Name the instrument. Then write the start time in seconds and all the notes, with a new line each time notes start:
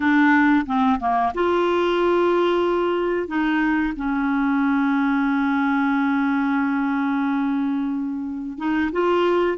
clarinet
0.00 D4
0.66 C4
0.99 A#3
1.34 F4
3.27 D#4
3.96 C#4
8.57 D#4
8.92 F4